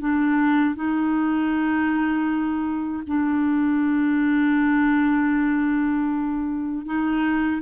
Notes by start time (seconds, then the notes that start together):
0.00 D4
0.75 D#4
3.07 D4
6.85 D#4